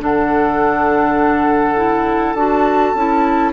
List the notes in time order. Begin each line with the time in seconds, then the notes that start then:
0.00 D3 D4 A4 F#5
1.76 E4
2.34 D4 F#4 A5
2.95 C#4 E4